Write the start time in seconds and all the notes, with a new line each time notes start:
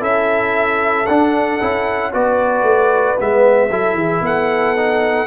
0.00 C#4 E4 A4 E5
1.06 D4 F#5
1.61 C#4 E4
2.12 B3 F#4 B4 D5
2.62 A3
3.17 G#3 B3 E5
3.70 F#3 E4 A4
3.94 E3 G#4
4.21 B3 A4 F#5
4.77 D#4